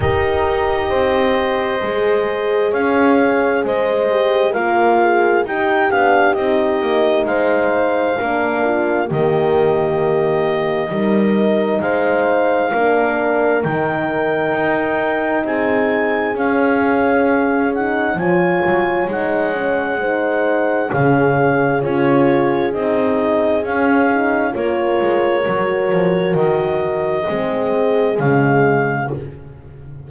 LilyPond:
<<
  \new Staff \with { instrumentName = "clarinet" } { \time 4/4 \tempo 4 = 66 dis''2. f''4 | dis''4 f''4 g''8 f''8 dis''4 | f''2 dis''2~ | dis''4 f''2 g''4~ |
g''4 gis''4 f''4. fis''8 | gis''4 fis''2 f''4 | cis''4 dis''4 f''4 cis''4~ | cis''4 dis''2 f''4 | }
  \new Staff \with { instrumentName = "horn" } { \time 4/4 ais'4 c''2 cis''4 | c''4 ais'8 gis'8 g'2 | c''4 ais'8 f'8 g'2 | ais'4 c''4 ais'2~ |
ais'4 gis'2. | cis''2 c''4 gis'4~ | gis'2. ais'4~ | ais'2 gis'2 | }
  \new Staff \with { instrumentName = "horn" } { \time 4/4 g'2 gis'2~ | gis'8 g'8 f'4 dis'8 d'8 dis'4~ | dis'4 d'4 ais2 | dis'2 d'4 dis'4~ |
dis'2 cis'4. dis'8 | f'4 dis'8 cis'8 dis'4 cis'4 | f'4 dis'4 cis'8 dis'8 f'4 | fis'2 c'4 gis4 | }
  \new Staff \with { instrumentName = "double bass" } { \time 4/4 dis'4 c'4 gis4 cis'4 | gis4 ais4 dis'8 b8 c'8 ais8 | gis4 ais4 dis2 | g4 gis4 ais4 dis4 |
dis'4 c'4 cis'2 | f8 fis8 gis2 cis4 | cis'4 c'4 cis'4 ais8 gis8 | fis8 f8 dis4 gis4 cis4 | }
>>